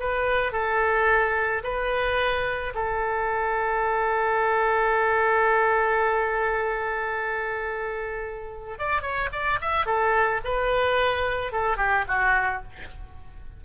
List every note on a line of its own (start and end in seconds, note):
0.00 0.53 B4
0.53 1.63 A4
1.64 2.74 B4
2.75 8.79 A4
8.79 9.02 D5
9.02 9.30 C#5
9.33 9.60 D5
9.61 9.86 E5
9.86 10.41 A4
10.45 11.52 B4
11.52 11.77 A4
11.77 12.05 G4
12.08 12.63 F#4